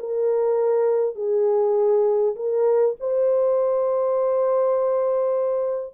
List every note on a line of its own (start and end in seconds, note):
0.00 1.16 A#4
1.16 2.36 G#4
2.36 2.96 A#4
3.01 5.95 C5